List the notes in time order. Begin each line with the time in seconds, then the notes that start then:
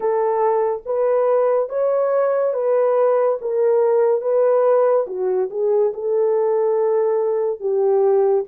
0.00 A4
0.85 B4
1.69 C#5
2.54 B4
3.41 A#4
4.21 B4
5.07 F#4
5.50 G#4
5.93 A4
7.60 G4